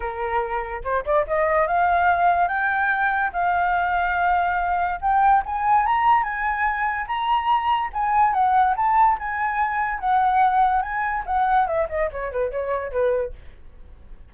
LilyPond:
\new Staff \with { instrumentName = "flute" } { \time 4/4 \tempo 4 = 144 ais'2 c''8 d''8 dis''4 | f''2 g''2 | f''1 | g''4 gis''4 ais''4 gis''4~ |
gis''4 ais''2 gis''4 | fis''4 a''4 gis''2 | fis''2 gis''4 fis''4 | e''8 dis''8 cis''8 b'8 cis''4 b'4 | }